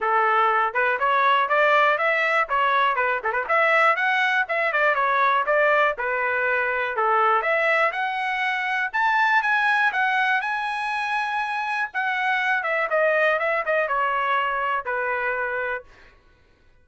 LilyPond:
\new Staff \with { instrumentName = "trumpet" } { \time 4/4 \tempo 4 = 121 a'4. b'8 cis''4 d''4 | e''4 cis''4 b'8 a'16 b'16 e''4 | fis''4 e''8 d''8 cis''4 d''4 | b'2 a'4 e''4 |
fis''2 a''4 gis''4 | fis''4 gis''2. | fis''4. e''8 dis''4 e''8 dis''8 | cis''2 b'2 | }